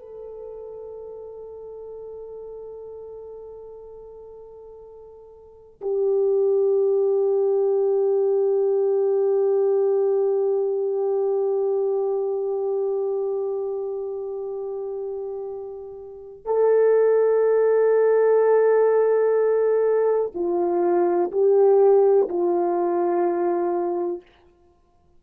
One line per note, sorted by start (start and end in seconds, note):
0.00 5.81 A4
5.82 16.46 G4
16.46 20.33 A4
20.34 21.31 F4
21.32 22.28 G4
22.29 24.22 F4